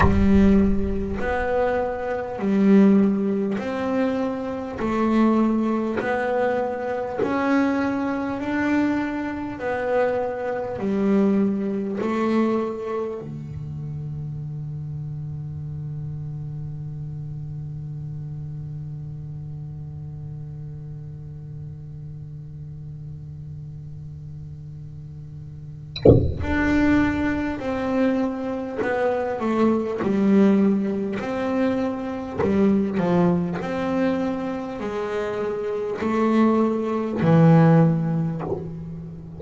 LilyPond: \new Staff \with { instrumentName = "double bass" } { \time 4/4 \tempo 4 = 50 g4 b4 g4 c'4 | a4 b4 cis'4 d'4 | b4 g4 a4 d4~ | d1~ |
d1~ | d2 d'4 c'4 | b8 a8 g4 c'4 g8 f8 | c'4 gis4 a4 e4 | }